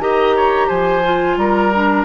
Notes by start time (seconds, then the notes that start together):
0.00 D#3 G4 D#5 A#5
0.37 C#5
0.68 F3 C5 G#5
1.04 F4
1.37 G3 A#4 A#5
1.75 D4